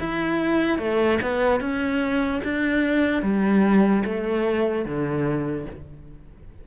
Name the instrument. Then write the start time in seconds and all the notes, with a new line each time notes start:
cello
0.00 E4
0.79 A3
1.22 B3
1.60 C#4
2.44 D4
3.23 G3
4.05 A3
4.85 D3